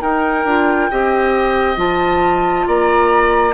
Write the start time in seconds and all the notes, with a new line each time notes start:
0.00 D#4 A#4 G5
0.44 D4 F4
0.90 C4 G4 D#5
1.76 F3 F4 A5
2.66 A#3 D5 A#5